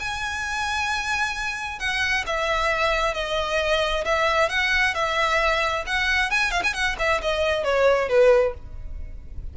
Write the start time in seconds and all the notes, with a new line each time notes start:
0.00 G#5
1.80 F#5
2.27 E5
3.14 D#5
4.05 E5
4.49 F#5
4.95 E5
5.87 F#5
6.31 G#5
6.51 F5
6.64 G#5
6.74 F#5
6.99 E5
7.22 D#5
7.64 C#5
8.09 B4